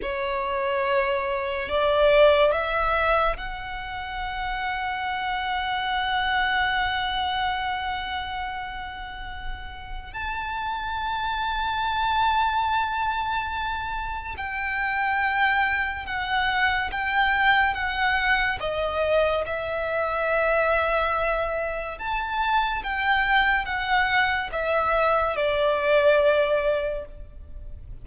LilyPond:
\new Staff \with { instrumentName = "violin" } { \time 4/4 \tempo 4 = 71 cis''2 d''4 e''4 | fis''1~ | fis''1 | a''1~ |
a''4 g''2 fis''4 | g''4 fis''4 dis''4 e''4~ | e''2 a''4 g''4 | fis''4 e''4 d''2 | }